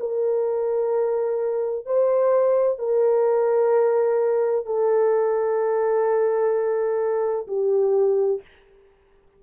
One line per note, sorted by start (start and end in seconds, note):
0.00 1.86 A#4
1.86 2.79 C5
2.79 4.66 A#4
4.66 7.47 A4
7.48 8.42 G4